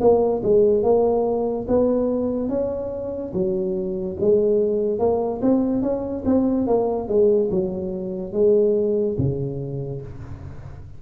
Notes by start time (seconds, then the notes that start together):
0.00 A#3
0.43 G#3
0.83 A#3
1.67 B3
2.49 C#4
3.33 F#3
4.20 G#3
4.99 A#3
5.42 C4
5.82 C#4
6.25 C4
6.67 A#3
7.08 G#3
7.51 F#3
8.33 G#3
9.18 C#3